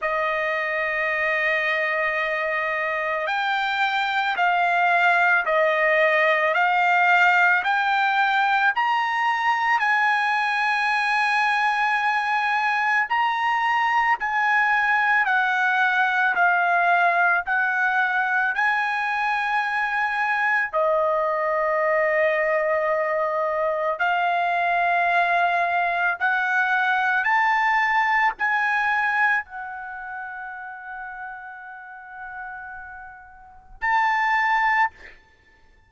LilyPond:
\new Staff \with { instrumentName = "trumpet" } { \time 4/4 \tempo 4 = 55 dis''2. g''4 | f''4 dis''4 f''4 g''4 | ais''4 gis''2. | ais''4 gis''4 fis''4 f''4 |
fis''4 gis''2 dis''4~ | dis''2 f''2 | fis''4 a''4 gis''4 fis''4~ | fis''2. a''4 | }